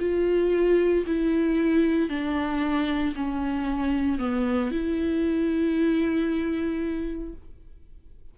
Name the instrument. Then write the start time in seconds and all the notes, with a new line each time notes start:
viola
0.00 F4
1.07 E4
2.10 D4
3.16 C#4
4.19 B3
4.71 E4